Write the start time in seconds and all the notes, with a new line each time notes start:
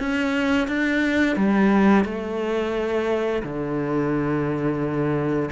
0.00 C#4
0.68 D4
1.36 G3
2.05 A3
3.43 D3